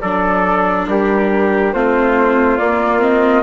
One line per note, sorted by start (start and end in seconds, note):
0.00 0.87 F#3
0.00 1.74 D4
0.00 0.87 A4
0.00 0.86 D5
0.87 1.73 G3
0.87 1.74 G4
0.87 1.72 A#4
1.72 2.59 A3
1.72 2.59 C4
1.72 3.42 F4
1.72 2.57 C5
2.57 3.42 A#3
2.57 2.99 A#3
2.57 3.00 D5
2.99 3.42 C4
2.99 3.42 D#5